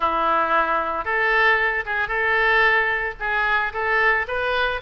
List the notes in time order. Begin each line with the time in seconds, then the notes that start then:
0.00 E4
1.05 A4
1.85 G#4
2.08 A4
3.19 G#4
3.73 A4
4.27 B4